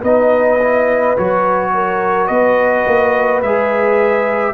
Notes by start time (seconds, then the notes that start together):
0.00 B3 D#4 B4 D#5
0.60 E4
1.17 F#3 F#4 C#5
1.74 A#4
2.27 B3 B4 D#5
2.86 A#3
3.42 G#3 G#4 E5